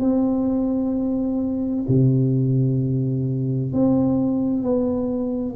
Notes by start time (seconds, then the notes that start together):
0.00 C4
1.88 C3
3.73 C4
4.63 B3